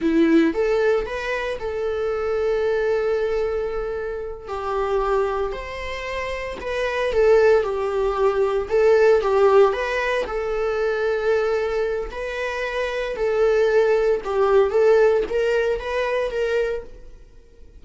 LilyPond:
\new Staff \with { instrumentName = "viola" } { \time 4/4 \tempo 4 = 114 e'4 a'4 b'4 a'4~ | a'1~ | a'8 g'2 c''4.~ | c''8 b'4 a'4 g'4.~ |
g'8 a'4 g'4 b'4 a'8~ | a'2. b'4~ | b'4 a'2 g'4 | a'4 ais'4 b'4 ais'4 | }